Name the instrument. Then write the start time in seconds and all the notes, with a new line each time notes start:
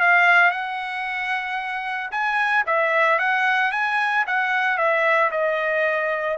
trumpet
0.00 F5
0.51 F#5
2.11 G#5
2.66 E5
3.19 F#5
3.71 G#5
4.27 F#5
4.77 E5
5.31 D#5